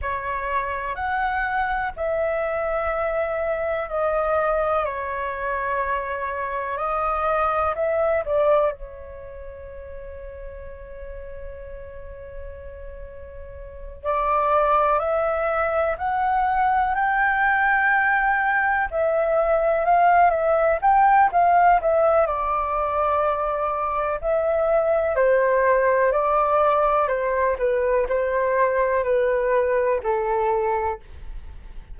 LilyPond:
\new Staff \with { instrumentName = "flute" } { \time 4/4 \tempo 4 = 62 cis''4 fis''4 e''2 | dis''4 cis''2 dis''4 | e''8 d''8 cis''2.~ | cis''2~ cis''8 d''4 e''8~ |
e''8 fis''4 g''2 e''8~ | e''8 f''8 e''8 g''8 f''8 e''8 d''4~ | d''4 e''4 c''4 d''4 | c''8 b'8 c''4 b'4 a'4 | }